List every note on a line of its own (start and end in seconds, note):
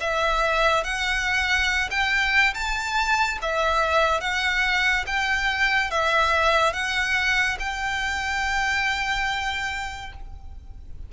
0.00 0.84 E5
0.84 1.89 F#5
1.90 2.54 G5
2.54 3.38 A5
3.41 4.20 E5
4.20 5.05 F#5
5.06 5.90 G5
5.90 6.73 E5
6.73 7.57 F#5
7.59 10.13 G5